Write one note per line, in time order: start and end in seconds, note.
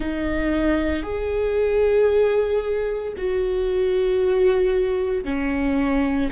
0.00 1.02 D#4
1.02 3.13 G#4
3.17 5.24 F#4
5.24 6.29 C#4